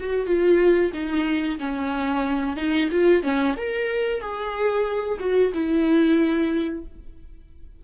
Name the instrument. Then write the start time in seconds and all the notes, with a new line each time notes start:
viola
0.00 F#4
0.27 F4
0.94 D#4
1.59 C#4
2.57 D#4
2.91 F4
3.23 C#4
3.57 A#4
4.21 G#4
5.20 F#4
5.54 E4